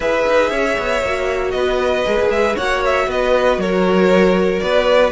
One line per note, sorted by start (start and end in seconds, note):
0.00 0.25 E4
0.00 1.03 G#4
0.00 0.49 B4
0.00 1.51 E5
0.27 0.51 D#4
0.49 0.76 C#4
0.49 1.52 C#5
0.78 1.02 B3
1.02 1.53 A#3
1.02 2.05 F#4
1.51 2.05 B3
1.51 2.55 B4
1.51 2.27 D#5
2.05 2.19 G#3
2.05 2.56 G#4
2.19 2.29 A#3
2.29 2.55 G#3
2.29 2.56 E5
2.55 3.07 A#3
2.55 5.11 F#4
2.55 3.06 C#5
2.55 2.83 F#5
2.85 3.10 E5
3.07 3.57 B3
3.07 3.60 B4
3.07 3.60 D#5
3.57 4.60 F#3
3.57 4.62 A#4
3.57 4.59 C#5
4.59 5.11 B3
4.59 5.11 B4
4.59 5.10 D5